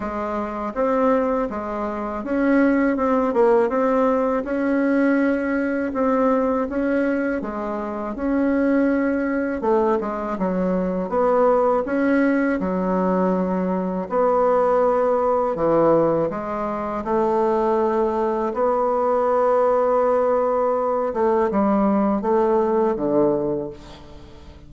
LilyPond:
\new Staff \with { instrumentName = "bassoon" } { \time 4/4 \tempo 4 = 81 gis4 c'4 gis4 cis'4 | c'8 ais8 c'4 cis'2 | c'4 cis'4 gis4 cis'4~ | cis'4 a8 gis8 fis4 b4 |
cis'4 fis2 b4~ | b4 e4 gis4 a4~ | a4 b2.~ | b8 a8 g4 a4 d4 | }